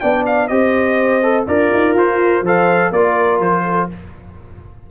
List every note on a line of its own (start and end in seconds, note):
0.00 0.50 B3
0.00 0.50 D4
0.00 0.50 D5
0.00 0.24 G5
0.26 0.48 F5
0.48 1.47 C4
0.48 1.22 G4
0.48 1.47 C5
0.48 1.45 D#5
1.23 1.47 A4
1.47 1.71 D4
1.47 2.43 F4
1.47 2.44 A#4
1.47 1.96 D5
1.74 1.94 D#4
1.94 2.42 F4
1.94 2.46 C5
2.42 2.90 F3
2.42 2.94 A4
2.42 2.92 C5
2.42 2.92 F5
2.91 3.40 A#3
2.91 3.91 F4
2.91 3.64 A#4
2.91 3.41 D5
3.40 3.88 F3
3.40 3.90 C5
3.64 3.88 A4